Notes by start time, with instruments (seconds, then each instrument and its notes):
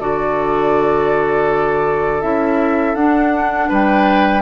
0.00 bassoon D3, clarinet F#4, oboe A4, flute D5
2.21 bassoon C#4, clarinet E4, flute E5
2.95 bassoon D4, clarinet D4, flute F#5
3.69 bassoon G3, oboe B4, flute G5